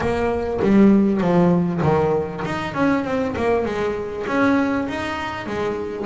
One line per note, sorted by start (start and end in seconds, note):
0.00 0.60 A#3
0.62 1.21 G3
1.21 1.81 F3
1.82 2.43 D#3
2.45 2.74 D#4
2.74 3.04 C#4
3.04 3.34 C4
3.36 3.65 A#3
3.65 4.25 G#3
4.27 4.87 C#4
4.88 5.46 D#4
5.46 6.05 G#3